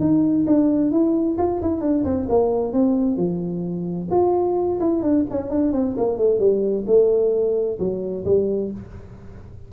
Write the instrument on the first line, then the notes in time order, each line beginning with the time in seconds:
tuba
0.00 D#4
0.47 D4
0.91 E4
1.38 F4
1.62 E4
1.81 D4
2.05 C4
2.29 A#3
2.73 C4
3.17 F3
4.11 F4
4.80 E4
5.03 D4
5.31 C#4
5.50 D4
5.73 C4
5.98 A#3
6.18 A3
6.39 G3
6.87 A3
7.79 F#3
8.25 G3